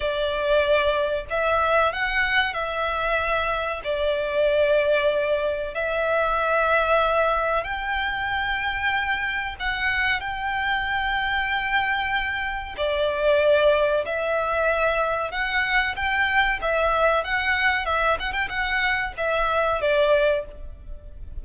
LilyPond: \new Staff \with { instrumentName = "violin" } { \time 4/4 \tempo 4 = 94 d''2 e''4 fis''4 | e''2 d''2~ | d''4 e''2. | g''2. fis''4 |
g''1 | d''2 e''2 | fis''4 g''4 e''4 fis''4 | e''8 fis''16 g''16 fis''4 e''4 d''4 | }